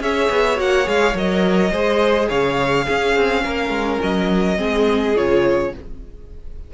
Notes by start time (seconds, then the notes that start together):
0.00 C#4 G#4 C#5 E5
0.30 B3
0.56 A#3 F#4 F#5
0.84 G#3 G#4 F5
1.14 F#3 A#4 D#5
1.71 G#3 G#4 C5
2.29 C#3 C#5 F5
2.85 C#4 G#4
3.16 C4
3.44 A#3 A#4
3.69 G#3
4.02 F#3 D#5
4.57 G#3 C4 G#4
5.15 C#3 F4 C#5